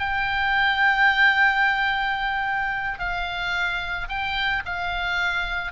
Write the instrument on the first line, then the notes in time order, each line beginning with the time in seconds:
oboe
0.00 G5
3.00 F5
4.09 G5
4.66 F5